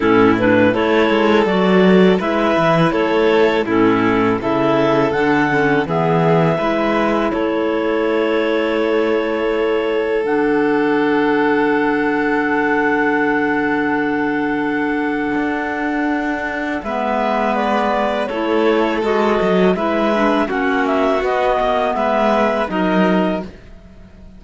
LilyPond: <<
  \new Staff \with { instrumentName = "clarinet" } { \time 4/4 \tempo 4 = 82 a'8 b'8 cis''4 d''4 e''4 | cis''4 a'4 e''4 fis''4 | e''2 cis''2~ | cis''2 fis''2~ |
fis''1~ | fis''2. e''4 | d''4 cis''4 dis''4 e''4 | fis''8 e''8 dis''4 e''4 dis''4 | }
  \new Staff \with { instrumentName = "violin" } { \time 4/4 e'4 a'2 b'4 | a'4 e'4 a'2 | gis'4 b'4 a'2~ | a'1~ |
a'1~ | a'2. b'4~ | b'4 a'2 b'4 | fis'2 b'4 ais'4 | }
  \new Staff \with { instrumentName = "clarinet" } { \time 4/4 cis'8 d'8 e'4 fis'4 e'4~ | e'4 cis'4 e'4 d'8 cis'8 | b4 e'2.~ | e'2 d'2~ |
d'1~ | d'2. b4~ | b4 e'4 fis'4 e'8 d'8 | cis'4 b2 dis'4 | }
  \new Staff \with { instrumentName = "cello" } { \time 4/4 a,4 a8 gis8 fis4 gis8 e8 | a4 a,4 cis4 d4 | e4 gis4 a2~ | a2 d2~ |
d1~ | d4 d'2 gis4~ | gis4 a4 gis8 fis8 gis4 | ais4 b8 ais8 gis4 fis4 | }
>>